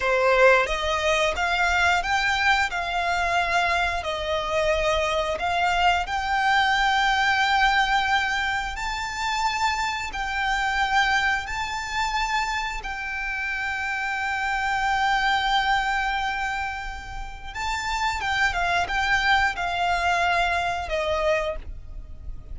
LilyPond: \new Staff \with { instrumentName = "violin" } { \time 4/4 \tempo 4 = 89 c''4 dis''4 f''4 g''4 | f''2 dis''2 | f''4 g''2.~ | g''4 a''2 g''4~ |
g''4 a''2 g''4~ | g''1~ | g''2 a''4 g''8 f''8 | g''4 f''2 dis''4 | }